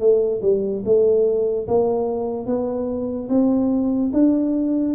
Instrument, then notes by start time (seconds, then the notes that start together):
tuba
0.00 A3
0.42 G3
0.85 A3
1.67 A#3
2.46 B3
3.29 C4
4.13 D4